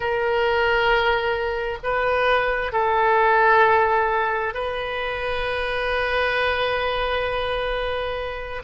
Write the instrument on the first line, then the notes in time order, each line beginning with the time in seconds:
oboe
0.00 A#4
1.83 B4
2.72 A4
4.53 B4